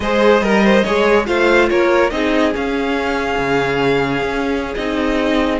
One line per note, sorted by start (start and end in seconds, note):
0.00 0.41 G#3
0.00 0.43 G#4
0.00 0.43 C5
0.00 1.23 D#5
0.41 0.83 G3
0.41 0.64 A#4
0.41 0.86 A#4
0.64 0.83 C5
0.83 1.28 G#3
0.83 1.26 G#4
0.83 1.26 C#5
1.26 1.70 A3
1.26 2.10 F4
1.26 1.69 C5
1.26 1.69 F5
1.69 2.11 A#3
1.69 2.12 A#4
1.69 2.10 C#5
2.10 2.53 C4
2.10 2.52 D#4
2.10 5.59 G#4
2.10 2.52 D#5
2.52 4.74 C#4
2.52 3.38 C#4
2.52 4.74 F5
3.38 4.22 C#3
4.22 4.75 C#4
4.74 5.59 C4
4.74 5.59 D#4
4.74 5.58 D#5